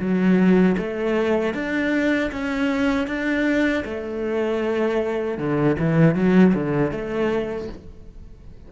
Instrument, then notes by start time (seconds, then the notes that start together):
cello
0.00 F#3
0.78 A3
1.55 D4
2.32 C#4
3.08 D4
3.85 A3
5.38 D3
5.79 E3
6.15 F#3
6.55 D3
6.92 A3